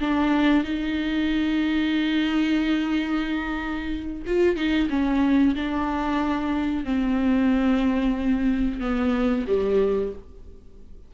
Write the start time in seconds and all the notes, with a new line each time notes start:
0.00 D4
0.64 D#4
4.26 F4
4.56 D#4
4.90 C#4
5.55 D4
6.85 C4
8.81 B3
9.47 G3